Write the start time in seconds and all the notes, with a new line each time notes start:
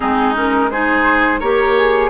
0.00 G#3 C4 D#4 G#4
0.34 C#4 A#4
0.70 D#4 G#4 C5
1.39 A#3 G4 A#4 C#5
1.77 G#4